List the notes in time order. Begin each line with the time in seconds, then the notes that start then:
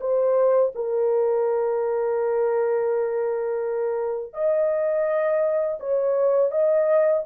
0.00 C5
0.75 A#4
4.33 D#5
5.80 C#5
6.51 D#5